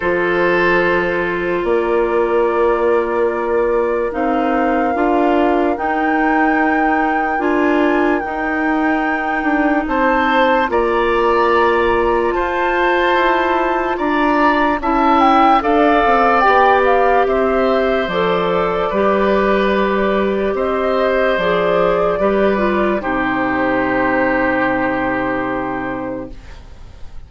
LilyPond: <<
  \new Staff \with { instrumentName = "flute" } { \time 4/4 \tempo 4 = 73 c''2 d''2~ | d''4 f''2 g''4~ | g''4 gis''4 g''2 | a''4 ais''2 a''4~ |
a''4 ais''4 a''8 g''8 f''4 | g''8 f''8 e''4 d''2~ | d''4 dis''4 d''2 | c''1 | }
  \new Staff \with { instrumentName = "oboe" } { \time 4/4 a'2 ais'2~ | ais'1~ | ais'1 | c''4 d''2 c''4~ |
c''4 d''4 e''4 d''4~ | d''4 c''2 b'4~ | b'4 c''2 b'4 | g'1 | }
  \new Staff \with { instrumentName = "clarinet" } { \time 4/4 f'1~ | f'4 dis'4 f'4 dis'4~ | dis'4 f'4 dis'2~ | dis'4 f'2.~ |
f'2 e'4 a'4 | g'2 a'4 g'4~ | g'2 gis'4 g'8 f'8 | dis'1 | }
  \new Staff \with { instrumentName = "bassoon" } { \time 4/4 f2 ais2~ | ais4 c'4 d'4 dis'4~ | dis'4 d'4 dis'4. d'8 | c'4 ais2 f'4 |
e'4 d'4 cis'4 d'8 c'8 | b4 c'4 f4 g4~ | g4 c'4 f4 g4 | c1 | }
>>